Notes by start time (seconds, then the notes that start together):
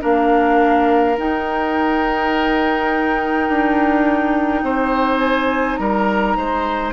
0.00 A#3 D4 A#4 F5
1.17 D#4 G5
3.49 D4
4.62 C4 C5
5.19 G#5
5.76 G3 A#4 A#5
6.37 G#3 C5